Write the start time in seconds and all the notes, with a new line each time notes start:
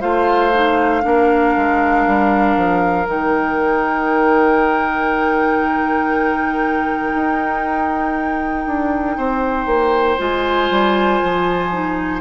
0.00 A3 F4 C5 F5
0.53 D#4
1.01 A#3 D4 A#4
1.57 G#3
2.06 G3
2.56 F3
3.05 D#3 D#4 G5
7.14 D#4
8.66 D4
9.17 C4 C5
9.66 A#3
10.17 G#3 F4 G#5
10.70 G3
11.22 F3
11.71 D#4